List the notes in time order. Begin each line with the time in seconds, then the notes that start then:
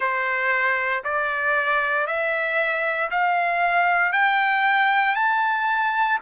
0.00 C5
1.03 D5
2.06 E5
3.10 F5
4.12 G5
5.15 A5